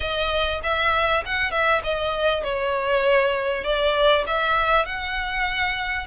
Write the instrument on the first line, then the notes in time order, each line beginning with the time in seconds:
violin
0.00 D#5
0.63 E5
1.25 F#5
1.51 E5
1.83 D#5
2.43 C#5
3.64 D5
4.26 E5
4.85 F#5